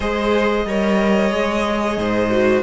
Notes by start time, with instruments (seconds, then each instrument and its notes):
0.00 cello G#3, viola G#4, violin C5 D#5
0.65 cello G3, viola A#4, violin C#5
1.31 cello G#3, viola G#4
1.97 cello G#2, violin C5
2.30 viola F#4